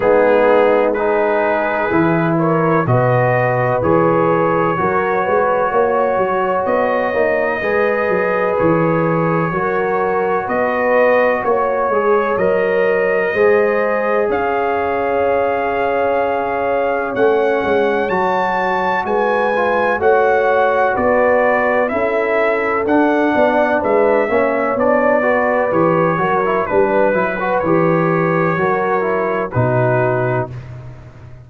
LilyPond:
<<
  \new Staff \with { instrumentName = "trumpet" } { \time 4/4 \tempo 4 = 63 gis'4 b'4. cis''8 dis''4 | cis''2. dis''4~ | dis''4 cis''2 dis''4 | cis''4 dis''2 f''4~ |
f''2 fis''4 a''4 | gis''4 fis''4 d''4 e''4 | fis''4 e''4 d''4 cis''4 | b'4 cis''2 b'4 | }
  \new Staff \with { instrumentName = "horn" } { \time 4/4 dis'4 gis'4. ais'8 b'4~ | b'4 ais'8 b'8 cis''2 | b'2 ais'4 b'4 | cis''2 c''4 cis''4~ |
cis''1 | b'4 cis''4 b'4 a'4~ | a'8 d''8 b'8 cis''4 b'4 ais'8 | b'2 ais'4 fis'4 | }
  \new Staff \with { instrumentName = "trombone" } { \time 4/4 b4 dis'4 e'4 fis'4 | gis'4 fis'2~ fis'8 dis'8 | gis'2 fis'2~ | fis'8 gis'8 ais'4 gis'2~ |
gis'2 cis'4 fis'4~ | fis'8 f'8 fis'2 e'4 | d'4. cis'8 d'8 fis'8 g'8 fis'16 e'16 | d'8 e'16 fis'16 g'4 fis'8 e'8 dis'4 | }
  \new Staff \with { instrumentName = "tuba" } { \time 4/4 gis2 e4 b,4 | e4 fis8 gis8 ais8 fis8 b8 ais8 | gis8 fis8 e4 fis4 b4 | ais8 gis8 fis4 gis4 cis'4~ |
cis'2 a8 gis8 fis4 | gis4 a4 b4 cis'4 | d'8 b8 gis8 ais8 b4 e8 fis8 | g8 fis8 e4 fis4 b,4 | }
>>